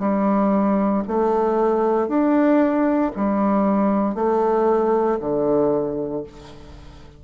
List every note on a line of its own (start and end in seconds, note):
0.00 1.03 G3
1.08 2.08 A3
2.08 3.12 D4
3.16 4.15 G3
4.15 5.19 A3
5.21 6.24 D3